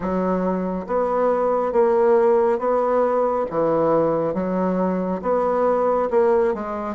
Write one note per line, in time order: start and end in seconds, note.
0.00 0.86 F#3
0.87 1.72 B3
1.72 2.58 A#3
2.58 3.45 B3
3.50 4.34 E3
4.34 5.21 F#3
5.22 6.09 B3
6.10 6.53 A#3
6.54 6.95 G#3